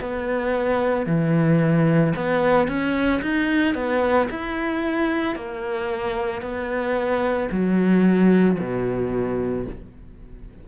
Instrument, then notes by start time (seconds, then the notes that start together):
cello
0.00 B3
1.06 E3
2.16 B3
2.67 C#4
3.22 D#4
3.74 B3
4.30 E4
5.35 A#3
6.41 B3
7.51 F#3
8.59 B2